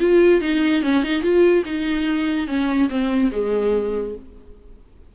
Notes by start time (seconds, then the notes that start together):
0.00 F4
0.41 D#4
0.83 C#4
1.03 D#4
1.22 F4
1.66 D#4
2.47 C#4
2.89 C4
3.32 G#3